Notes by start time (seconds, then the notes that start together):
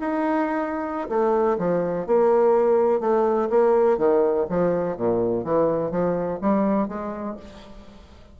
0.00 D#4
1.10 A3
1.58 F3
2.07 A#3
3.01 A3
3.50 A#3
3.98 D#3
4.50 F3
4.97 A#2
5.44 E3
5.91 F3
6.41 G3
6.88 G#3